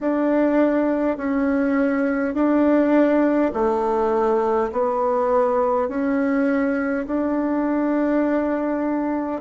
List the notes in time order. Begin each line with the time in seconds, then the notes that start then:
0.00 D4
1.17 C#4
2.34 D4
3.53 A3
4.72 B3
5.88 C#4
7.06 D4